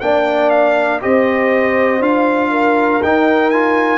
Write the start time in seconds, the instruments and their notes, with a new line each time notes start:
0.00 tuba A#3, trombone D4, horn D5, trumpet G5
0.49 trumpet F5
1.01 tuba C4, trombone G4, horn C5, trumpet D#5
1.99 tuba D4, trombone F4, trumpet F5
2.51 horn A#4
3.02 tuba D#4, trombone D#4, trumpet G5
3.50 trombone F4, trumpet G#5